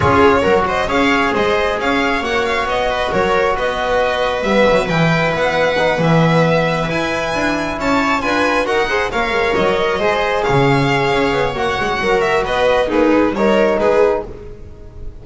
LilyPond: <<
  \new Staff \with { instrumentName = "violin" } { \time 4/4 \tempo 4 = 135 cis''4. dis''8 f''4 dis''4 | f''4 fis''8 f''8 dis''4 cis''4 | dis''2 e''4 g''4 | fis''4. e''2 gis''8~ |
gis''4. a''4 gis''4 fis''8~ | fis''8 f''4 dis''2 f''8~ | f''2 fis''4. e''8 | dis''4 b'4 cis''4 b'4 | }
  \new Staff \with { instrumentName = "viola" } { \time 4/4 gis'4 ais'8 c''8 cis''4 c''4 | cis''2~ cis''8 b'8 ais'4 | b'1~ | b'1~ |
b'4. cis''4 b'4 ais'8 | c''8 cis''2 c''4 cis''8~ | cis''2. ais'4 | b'4 dis'4 ais'4 gis'4 | }
  \new Staff \with { instrumentName = "trombone" } { \time 4/4 f'4 fis'4 gis'2~ | gis'4 fis'2.~ | fis'2 b4 e'4~ | e'4 dis'8 b2 e'8~ |
e'2~ e'8 f'4 fis'8 | gis'8 ais'2 gis'4.~ | gis'2 fis'2~ | fis'4 gis'4 dis'2 | }
  \new Staff \with { instrumentName = "double bass" } { \time 4/4 cis'4 fis4 cis'4 gis4 | cis'4 ais4 b4 fis4 | b2 g8 fis8 e4 | b4. e2 e'8~ |
e'8 d'4 cis'4 d'4 dis'8~ | dis'8 ais8 gis8 fis4 gis4 cis8~ | cis4 cis'8 b8 ais8 gis8 fis4 | b4 ais8 gis8 g4 gis4 | }
>>